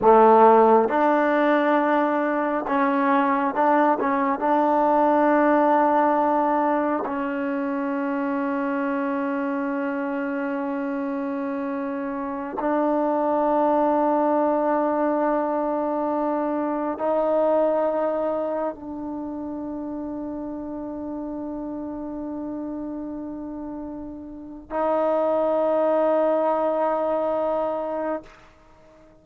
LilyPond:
\new Staff \with { instrumentName = "trombone" } { \time 4/4 \tempo 4 = 68 a4 d'2 cis'4 | d'8 cis'8 d'2. | cis'1~ | cis'2~ cis'16 d'4.~ d'16~ |
d'2.~ d'16 dis'8.~ | dis'4~ dis'16 d'2~ d'8.~ | d'1 | dis'1 | }